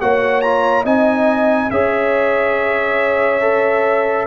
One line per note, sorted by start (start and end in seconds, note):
0.00 0.84 A#3
0.00 0.43 F#4
0.00 0.83 C#5
0.00 0.41 F#5
0.41 0.85 F4
0.41 0.84 A#5
0.83 1.70 C4
0.83 1.71 D#4
0.83 1.69 D#5
0.83 1.70 G#5
1.70 4.27 C#4
1.70 3.41 G#4
1.70 4.27 C#5
1.70 4.27 E5
3.41 4.26 A4